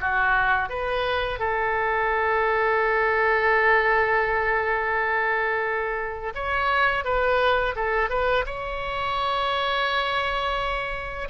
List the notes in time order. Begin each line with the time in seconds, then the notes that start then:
0.00 F#4
0.69 B4
1.39 A4
6.35 C#5
7.04 B4
7.75 A4
8.09 B4
8.46 C#5